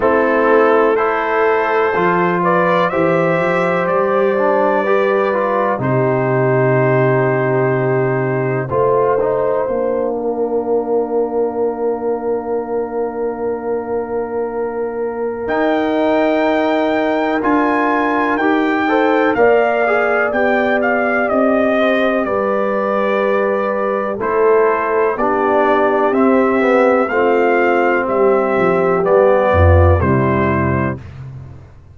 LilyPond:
<<
  \new Staff \with { instrumentName = "trumpet" } { \time 4/4 \tempo 4 = 62 a'4 c''4. d''8 e''4 | d''2 c''2~ | c''4 f''2.~ | f''1 |
g''2 gis''4 g''4 | f''4 g''8 f''8 dis''4 d''4~ | d''4 c''4 d''4 e''4 | f''4 e''4 d''4 c''4 | }
  \new Staff \with { instrumentName = "horn" } { \time 4/4 e'4 a'4. b'8 c''4~ | c''4 b'4 g'2~ | g'4 c''4. ais'4.~ | ais'1~ |
ais'2.~ ais'8 c''8 | d''2~ d''8 c''8 b'4~ | b'4 a'4 g'2 | f'4 g'4. f'8 e'4 | }
  \new Staff \with { instrumentName = "trombone" } { \time 4/4 c'4 e'4 f'4 g'4~ | g'8 d'8 g'8 f'8 dis'2~ | dis'4 f'8 dis'8 d'2~ | d'1 |
dis'2 f'4 g'8 a'8 | ais'8 gis'8 g'2.~ | g'4 e'4 d'4 c'8 b8 | c'2 b4 g4 | }
  \new Staff \with { instrumentName = "tuba" } { \time 4/4 a2 f4 e8 f8 | g2 c2~ | c4 a4 ais2~ | ais1 |
dis'2 d'4 dis'4 | ais4 b4 c'4 g4~ | g4 a4 b4 c'4 | a4 g8 f8 g8 f,8 c4 | }
>>